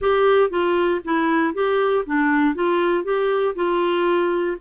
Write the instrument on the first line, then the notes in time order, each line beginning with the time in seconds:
clarinet
0.01 G4
0.49 F4
1.04 E4
1.54 G4
2.05 D4
2.54 F4
3.04 G4
3.55 F4